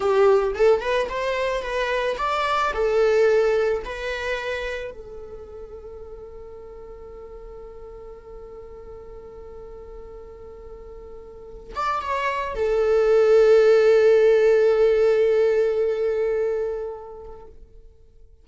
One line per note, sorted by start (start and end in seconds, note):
0.00 0.54 G4
0.54 0.80 A4
0.80 1.08 B4
1.09 1.62 C5
1.62 2.16 B4
2.17 2.72 D5
2.73 3.83 A4
3.85 4.91 B4
4.91 11.73 A4
11.75 12.01 D5
12.01 12.55 C#5
12.55 17.45 A4